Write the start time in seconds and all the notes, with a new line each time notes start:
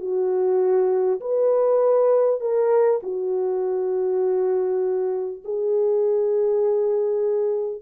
0.00 F#4
1.20 B4
2.40 A#4
3.02 F#4
5.44 G#4